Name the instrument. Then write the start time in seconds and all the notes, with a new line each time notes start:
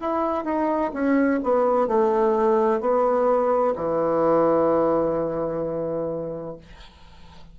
bassoon
0.00 E4
0.45 D#4
0.94 C#4
1.44 B3
1.88 A3
2.81 B3
3.76 E3